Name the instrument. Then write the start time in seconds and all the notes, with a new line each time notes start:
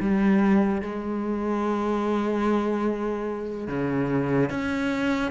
cello
0.00 G3
0.82 G#3
3.68 C#3
4.49 C#4